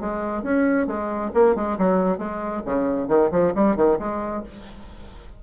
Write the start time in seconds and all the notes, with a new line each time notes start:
0.00 G#3
0.43 C#4
0.87 G#3
1.34 A#3
1.55 G#3
1.78 F#3
2.18 G#3
2.65 C#3
3.08 D#3
3.31 F3
3.55 G3
3.76 D#3
3.99 G#3